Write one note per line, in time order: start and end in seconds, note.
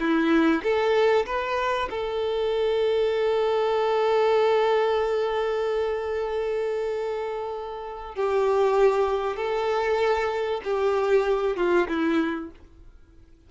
0.00 0.62 E4
0.63 1.26 A4
1.26 1.89 B4
1.90 8.15 A4
8.15 9.36 G4
9.36 10.61 A4
10.64 11.57 G4
11.57 11.88 F4
11.88 12.51 E4